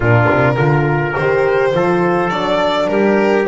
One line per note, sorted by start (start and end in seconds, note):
0.00 0.26 A#2
0.00 0.57 D4
0.00 0.54 F4
0.00 1.16 A#4
0.29 0.56 C3
0.56 1.14 D3
0.56 1.15 F4
0.56 1.71 A#4
1.16 1.74 D#3
1.16 1.74 G4
1.16 2.30 C5
1.74 2.30 F3
1.74 2.30 F4
1.74 2.90 A4
2.30 2.88 F#3
2.30 3.46 D4
2.30 2.87 D5
2.87 3.46 G3
2.87 3.47 G4
2.87 3.45 A#4